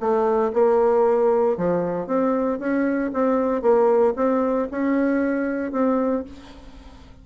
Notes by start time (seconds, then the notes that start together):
0.00 A3
0.53 A#3
1.57 F3
2.07 C4
2.59 C#4
3.13 C4
3.62 A#3
4.16 C4
4.71 C#4
5.72 C4